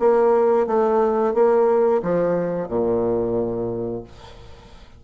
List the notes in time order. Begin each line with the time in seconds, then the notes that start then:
0.00 A#3
0.67 A3
1.34 A#3
2.03 F3
2.69 A#2